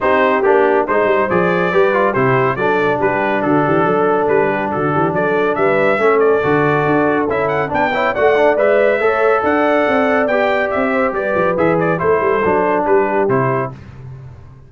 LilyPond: <<
  \new Staff \with { instrumentName = "trumpet" } { \time 4/4 \tempo 4 = 140 c''4 g'4 c''4 d''4~ | d''4 c''4 d''4 b'4 | a'2 b'4 a'4 | d''4 e''4. d''4.~ |
d''4 e''8 fis''8 g''4 fis''4 | e''2 fis''2 | g''4 e''4 d''4 e''8 d''8 | c''2 b'4 c''4 | }
  \new Staff \with { instrumentName = "horn" } { \time 4/4 g'2 c''2 | b'4 g'4 a'4 g'4 | fis'8 g'8 a'4. g'8 fis'8 g'8 | a'4 b'4 a'2~ |
a'2 b'8 cis''8 d''4~ | d''4 cis''4 d''2~ | d''4. c''8 b'2 | a'2 g'2 | }
  \new Staff \with { instrumentName = "trombone" } { \time 4/4 dis'4 d'4 dis'4 gis'4 | g'8 f'8 e'4 d'2~ | d'1~ | d'2 cis'4 fis'4~ |
fis'4 e'4 d'8 e'8 fis'8 d'8 | b'4 a'2. | g'2. gis'4 | e'4 d'2 e'4 | }
  \new Staff \with { instrumentName = "tuba" } { \time 4/4 c'4 ais4 gis8 g8 f4 | g4 c4 fis4 g4 | d8 e8 fis4 g4 d8 e8 | fis4 g4 a4 d4 |
d'4 cis'4 b4 a4 | gis4 a4 d'4 c'4 | b4 c'4 g8 f8 e4 | a8 g8 fis4 g4 c4 | }
>>